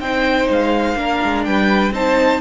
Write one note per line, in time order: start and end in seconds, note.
0.00 0.48 C4
0.00 0.96 D#4
0.00 0.98 C5
0.00 0.49 G5
0.50 0.95 G#3
0.50 1.44 F5
0.95 1.19 A#3
0.95 1.92 D4
0.95 1.47 A#4
1.24 1.47 G#3
1.44 1.92 G3
1.44 1.94 B4
1.44 1.92 G5
1.92 2.40 C4
1.92 2.41 D#4
1.92 2.41 C5
1.92 2.41 A5